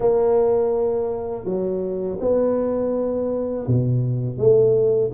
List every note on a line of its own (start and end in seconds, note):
0.00 1.44 A#3
1.44 2.18 F#3
2.20 3.66 B3
3.67 4.37 B2
4.37 5.10 A3